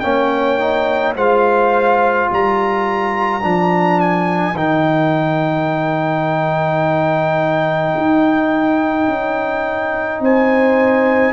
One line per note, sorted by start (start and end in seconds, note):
0.00 1.16 A#3
0.00 0.59 C#4
0.00 1.17 C#5
0.00 1.13 G5
0.59 1.16 D#4
1.16 2.29 G#3
1.16 3.42 F4
1.16 2.30 C5
1.16 2.30 F5
2.30 3.44 G3
2.30 10.23 A#4
2.30 4.00 A#5
3.42 4.55 F3
3.42 4.55 D4
4.00 4.57 G#5
4.55 7.94 D#3
4.55 11.33 D#4
4.55 10.23 G5
7.97 9.07 D#4
9.07 10.20 C#4
10.20 11.33 C4
10.20 11.33 C5
10.20 11.33 G#5